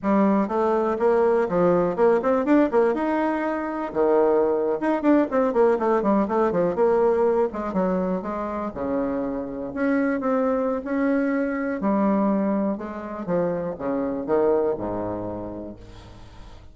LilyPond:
\new Staff \with { instrumentName = "bassoon" } { \time 4/4 \tempo 4 = 122 g4 a4 ais4 f4 | ais8 c'8 d'8 ais8 dis'2 | dis4.~ dis16 dis'8 d'8 c'8 ais8 a16~ | a16 g8 a8 f8 ais4. gis8 fis16~ |
fis8. gis4 cis2 cis'16~ | cis'8. c'4~ c'16 cis'2 | g2 gis4 f4 | cis4 dis4 gis,2 | }